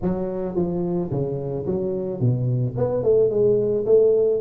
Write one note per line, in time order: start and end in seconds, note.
0.02 0.55 F#3
0.55 1.10 F3
1.10 1.65 C#3
1.65 2.20 F#3
2.20 2.75 B2
2.77 3.03 B3
3.03 3.30 A3
3.30 3.85 G#3
3.85 4.40 A3